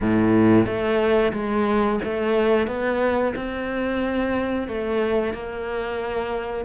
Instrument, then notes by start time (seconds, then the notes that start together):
cello
0.01 A2
0.65 A3
1.32 G#3
2.04 A3
2.67 B3
3.35 C4
4.68 A3
5.33 A#3